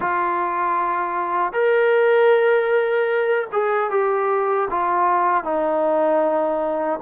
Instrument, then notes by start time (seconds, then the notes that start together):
trombone
0.00 F4
1.52 A#4
3.52 G#4
3.90 G4
4.70 F4
5.44 D#4